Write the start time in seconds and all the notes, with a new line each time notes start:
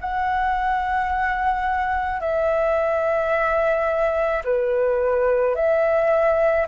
0.00 F#5
2.20 E5
4.44 B4
5.55 E5